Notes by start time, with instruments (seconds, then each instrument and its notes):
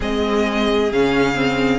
0.00 cello G#3, viola C4, violin G#4 D#5
0.91 cello C#3, viola C#4, violin F5
1.34 viola C4